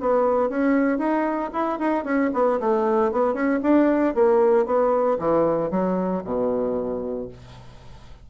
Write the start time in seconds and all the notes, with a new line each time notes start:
0.00 B3
0.49 C#4
0.98 D#4
1.53 E4
1.79 D#4
2.04 C#4
2.33 B3
2.60 A3
3.12 B3
3.33 C#4
3.62 D4
4.14 A#3
4.65 B3
5.19 E3
5.70 F#3
6.24 B2